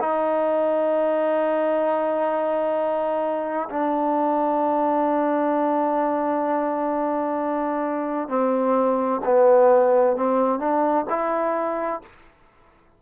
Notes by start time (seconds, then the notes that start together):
0.00 D#4
3.70 D4
8.29 C4
9.25 B3
10.17 C4
10.59 D4
11.10 E4